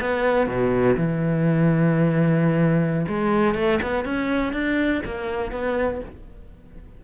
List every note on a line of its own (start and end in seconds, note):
0.00 0.46 B3
0.46 0.95 B2
0.97 3.06 E3
3.08 3.55 G#3
3.55 3.79 A3
3.82 4.05 B3
4.05 4.52 C#4
4.52 5.02 D4
5.05 5.51 A#3
5.51 6.00 B3